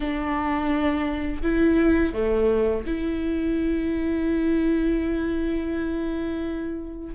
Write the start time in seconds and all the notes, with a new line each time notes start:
0.00 D4
1.42 E4
2.13 A3
2.86 E4